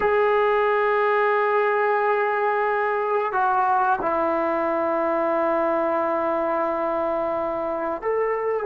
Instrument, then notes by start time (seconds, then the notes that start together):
trombone
0.00 G#4
3.32 F#4
4.01 E4
8.02 A4